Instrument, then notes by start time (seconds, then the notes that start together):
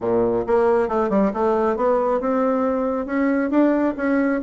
bassoon
0.00 A#2
0.46 A#3
0.88 A3
1.09 G3
1.33 A3
1.76 B3
2.20 C4
3.06 C#4
3.50 D4
3.97 C#4